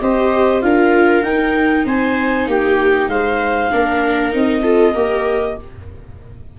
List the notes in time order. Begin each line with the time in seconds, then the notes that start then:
0.00 C4 G4 C5 D#5
0.62 D4 F4 A#4 F5
1.22 D#4 G5
1.85 C4 C5 G#5
2.47 A#3 G4 G5
3.08 G#3 C5 F5
3.70 A#3 D4 A#4
4.32 C4 D#4 D#5
4.63 F4 A4
4.93 A#3 G4 A#4